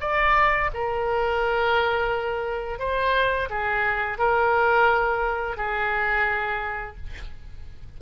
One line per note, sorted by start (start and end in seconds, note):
0.00 0.70 D5
0.74 2.79 A#4
2.79 3.49 C5
3.49 4.18 G#4
4.18 5.57 A#4
5.57 6.96 G#4